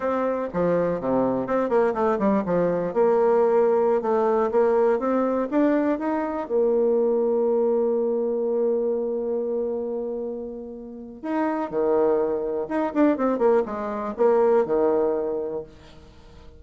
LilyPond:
\new Staff \with { instrumentName = "bassoon" } { \time 4/4 \tempo 4 = 123 c'4 f4 c4 c'8 ais8 | a8 g8 f4 ais2~ | ais16 a4 ais4 c'4 d'8.~ | d'16 dis'4 ais2~ ais8.~ |
ais1~ | ais2. dis'4 | dis2 dis'8 d'8 c'8 ais8 | gis4 ais4 dis2 | }